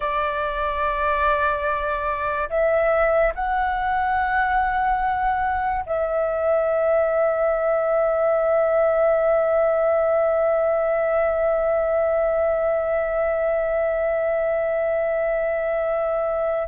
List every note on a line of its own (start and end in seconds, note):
0.00 2.49 D5
2.49 3.33 E5
3.34 5.84 F#5
5.86 16.68 E5